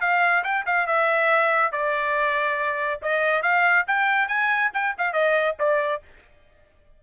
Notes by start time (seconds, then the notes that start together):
0.00 F5
0.43 G5
0.66 F5
0.86 E5
1.72 D5
3.02 D#5
3.42 F5
3.87 G5
4.28 G#5
4.73 G5
4.98 F5
5.13 D#5
5.59 D5